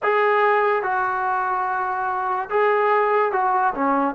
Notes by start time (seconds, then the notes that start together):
0.02 G#4
0.82 F#4
2.49 G#4
3.31 F#4
3.74 C#4